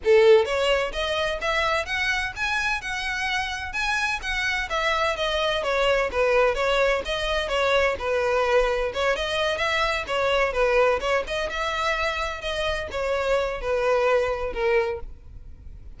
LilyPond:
\new Staff \with { instrumentName = "violin" } { \time 4/4 \tempo 4 = 128 a'4 cis''4 dis''4 e''4 | fis''4 gis''4 fis''2 | gis''4 fis''4 e''4 dis''4 | cis''4 b'4 cis''4 dis''4 |
cis''4 b'2 cis''8 dis''8~ | dis''8 e''4 cis''4 b'4 cis''8 | dis''8 e''2 dis''4 cis''8~ | cis''4 b'2 ais'4 | }